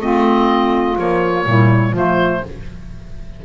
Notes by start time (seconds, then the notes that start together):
0.00 A3 C4 F4 D#5
0.95 F3 A#3 C#5
1.46 A#2 G3 E4
1.92 F3 A3 F4 C5